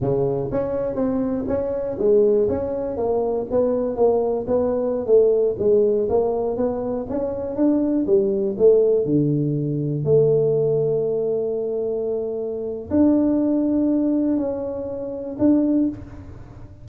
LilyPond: \new Staff \with { instrumentName = "tuba" } { \time 4/4 \tempo 4 = 121 cis4 cis'4 c'4 cis'4 | gis4 cis'4 ais4 b4 | ais4 b4~ b16 a4 gis8.~ | gis16 ais4 b4 cis'4 d'8.~ |
d'16 g4 a4 d4.~ d16~ | d16 a2.~ a8.~ | a2 d'2~ | d'4 cis'2 d'4 | }